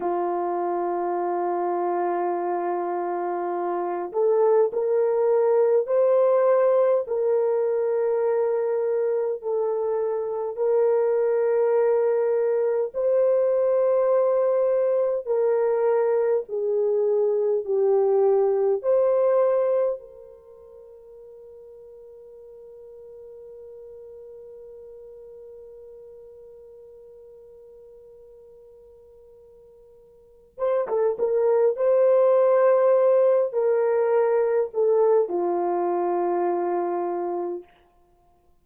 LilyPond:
\new Staff \with { instrumentName = "horn" } { \time 4/4 \tempo 4 = 51 f'2.~ f'8 a'8 | ais'4 c''4 ais'2 | a'4 ais'2 c''4~ | c''4 ais'4 gis'4 g'4 |
c''4 ais'2.~ | ais'1~ | ais'2 c''16 a'16 ais'8 c''4~ | c''8 ais'4 a'8 f'2 | }